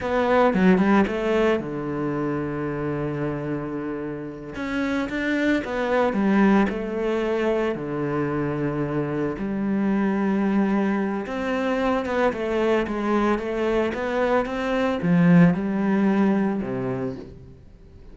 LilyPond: \new Staff \with { instrumentName = "cello" } { \time 4/4 \tempo 4 = 112 b4 fis8 g8 a4 d4~ | d1~ | d8 cis'4 d'4 b4 g8~ | g8 a2 d4.~ |
d4. g2~ g8~ | g4 c'4. b8 a4 | gis4 a4 b4 c'4 | f4 g2 c4 | }